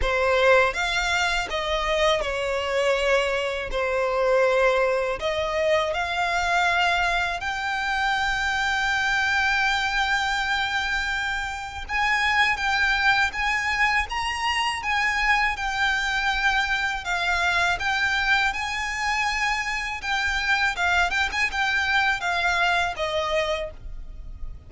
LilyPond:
\new Staff \with { instrumentName = "violin" } { \time 4/4 \tempo 4 = 81 c''4 f''4 dis''4 cis''4~ | cis''4 c''2 dis''4 | f''2 g''2~ | g''1 |
gis''4 g''4 gis''4 ais''4 | gis''4 g''2 f''4 | g''4 gis''2 g''4 | f''8 g''16 gis''16 g''4 f''4 dis''4 | }